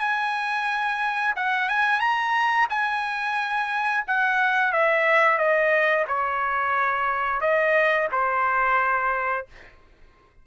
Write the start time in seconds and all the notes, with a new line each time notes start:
0.00 G#5
1.36 F#5
1.69 G#5
2.00 A#5
2.70 G#5
4.08 F#5
4.73 E5
5.38 D#5
6.08 C#5
7.41 D#5
8.12 C5